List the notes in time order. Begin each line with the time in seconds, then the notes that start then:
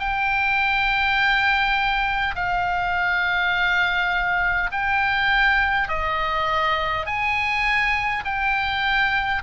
0.00 G5
2.35 F5
4.72 G5
5.89 D#5
7.06 G#5
8.25 G5